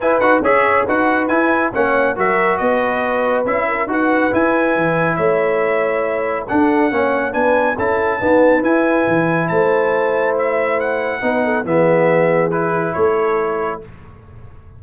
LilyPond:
<<
  \new Staff \with { instrumentName = "trumpet" } { \time 4/4 \tempo 4 = 139 gis''8 fis''8 e''4 fis''4 gis''4 | fis''4 e''4 dis''2 | e''4 fis''4 gis''2 | e''2. fis''4~ |
fis''4 gis''4 a''2 | gis''2 a''2 | e''4 fis''2 e''4~ | e''4 b'4 cis''2 | }
  \new Staff \with { instrumentName = "horn" } { \time 4/4 b'4 cis''4 b'2 | cis''4 ais'4 b'2~ | b'8 ais'8 b'2. | cis''2. a'4 |
cis''4 b'4 a'4 b'4~ | b'2 c''2~ | c''2 b'8 a'8 gis'4~ | gis'2 a'2 | }
  \new Staff \with { instrumentName = "trombone" } { \time 4/4 e'8 fis'8 gis'4 fis'4 e'4 | cis'4 fis'2. | e'4 fis'4 e'2~ | e'2. d'4 |
cis'4 d'4 e'4 b4 | e'1~ | e'2 dis'4 b4~ | b4 e'2. | }
  \new Staff \with { instrumentName = "tuba" } { \time 4/4 e'8 dis'8 cis'4 dis'4 e'4 | ais4 fis4 b2 | cis'4 dis'4 e'4 e4 | a2. d'4 |
ais4 b4 cis'4 dis'4 | e'4 e4 a2~ | a2 b4 e4~ | e2 a2 | }
>>